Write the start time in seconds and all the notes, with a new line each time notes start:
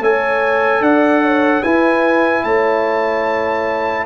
0.00 A3 A4 C#5 G#5
0.80 D4 D5 F#5
1.23 C#5
1.62 E4 B4 G#5
2.44 A3 C#5 A5